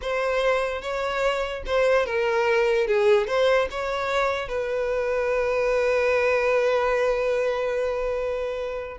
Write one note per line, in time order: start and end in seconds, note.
0.01 0.81 C5
0.81 1.63 C#5
1.65 2.06 C5
2.06 2.87 A#4
2.87 3.27 G#4
3.27 3.68 C5
3.71 4.48 C#5
4.48 8.97 B4